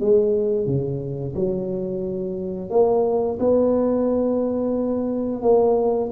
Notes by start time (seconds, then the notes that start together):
0.00 G#3
0.66 C#3
1.35 F#3
2.70 A#3
3.39 B3
5.42 A#3